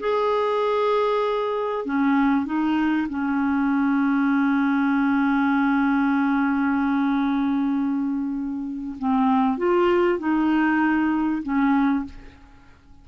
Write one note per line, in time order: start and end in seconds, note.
0.00 1.86 G#4
1.86 2.46 C#4
2.46 3.08 D#4
3.09 8.97 C#4
8.99 9.58 C4
9.58 10.19 F4
10.19 11.43 D#4
11.43 12.05 C#4